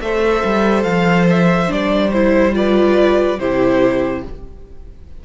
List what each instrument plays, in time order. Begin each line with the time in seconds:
0.00 cello A3, viola A4, violin C5 E5
0.45 cello G3
0.83 cello F3, violin F5
1.30 violin E5
1.67 cello G3, viola D4, violin D5
2.12 viola E4, violin C5
2.53 viola F4, violin B4 D5
3.39 cello C3, viola E4, violin G4 C5